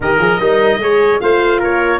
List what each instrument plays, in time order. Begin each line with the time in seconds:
0.00 tuba D#3, horn G4, trumpet A#4, oboe D#5
0.18 tuba F3, horn G#4
0.39 tuba G3, trumpet D#4, horn A#4
0.77 tuba G#3, horn G#4, trumpet C#5
1.20 tuba A3, horn F4, trumpet C5, oboe F5
1.59 tuba A#3, trumpet A#4, oboe C#5